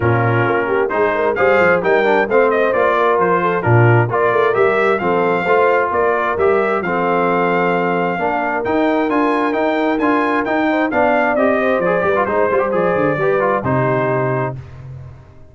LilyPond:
<<
  \new Staff \with { instrumentName = "trumpet" } { \time 4/4 \tempo 4 = 132 ais'2 c''4 f''4 | g''4 f''8 dis''8 d''4 c''4 | ais'4 d''4 e''4 f''4~ | f''4 d''4 e''4 f''4~ |
f''2. g''4 | gis''4 g''4 gis''4 g''4 | f''4 dis''4 d''4 c''4 | d''2 c''2 | }
  \new Staff \with { instrumentName = "horn" } { \time 4/4 f'4. g'8 gis'8 ais'8 c''4 | ais'4 c''4. ais'4 a'8 | f'4 ais'2 a'4 | c''4 ais'2 a'4~ |
a'2 ais'2~ | ais'2.~ ais'8 c''8 | d''4. c''4 b'8 c''4~ | c''4 b'4 g'2 | }
  \new Staff \with { instrumentName = "trombone" } { \time 4/4 cis'2 dis'4 gis'4 | dis'8 d'8 c'4 f'2 | d'4 f'4 g'4 c'4 | f'2 g'4 c'4~ |
c'2 d'4 dis'4 | f'4 dis'4 f'4 dis'4 | d'4 g'4 gis'8 g'16 f'16 dis'8 f'16 g'16 | gis'4 g'8 f'8 dis'2 | }
  \new Staff \with { instrumentName = "tuba" } { \time 4/4 ais,4 ais4 gis4 g8 f8 | g4 a4 ais4 f4 | ais,4 ais8 a8 g4 f4 | a4 ais4 g4 f4~ |
f2 ais4 dis'4 | d'4 dis'4 d'4 dis'4 | b4 c'4 f8 g8 gis8 g8 | f8 d8 g4 c2 | }
>>